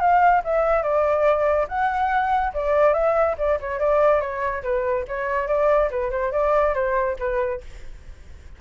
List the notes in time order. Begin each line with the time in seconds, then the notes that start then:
0.00 F5
0.44 E5
0.82 D5
1.68 F#5
2.54 D5
2.93 E5
3.37 D5
3.60 C#5
3.79 D5
4.20 C#5
4.63 B4
5.07 C#5
5.47 D5
5.90 B4
6.10 C5
6.32 D5
6.74 C5
7.19 B4